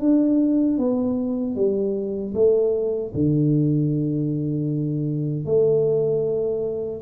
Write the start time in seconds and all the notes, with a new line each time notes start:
0.00 D4
0.78 B3
1.55 G3
2.34 A3
3.14 D3
5.45 A3